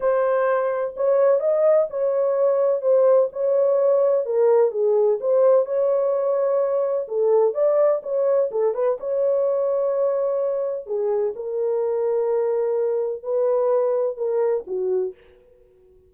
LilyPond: \new Staff \with { instrumentName = "horn" } { \time 4/4 \tempo 4 = 127 c''2 cis''4 dis''4 | cis''2 c''4 cis''4~ | cis''4 ais'4 gis'4 c''4 | cis''2. a'4 |
d''4 cis''4 a'8 b'8 cis''4~ | cis''2. gis'4 | ais'1 | b'2 ais'4 fis'4 | }